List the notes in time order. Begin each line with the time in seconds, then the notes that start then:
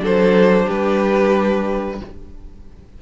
0.00 F#3 D4 A4 C5
0.65 G3 G4 B4